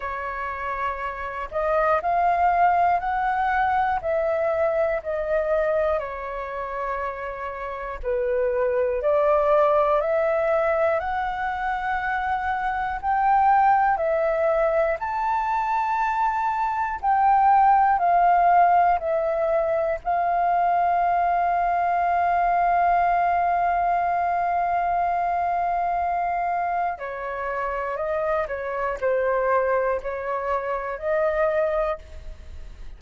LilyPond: \new Staff \with { instrumentName = "flute" } { \time 4/4 \tempo 4 = 60 cis''4. dis''8 f''4 fis''4 | e''4 dis''4 cis''2 | b'4 d''4 e''4 fis''4~ | fis''4 g''4 e''4 a''4~ |
a''4 g''4 f''4 e''4 | f''1~ | f''2. cis''4 | dis''8 cis''8 c''4 cis''4 dis''4 | }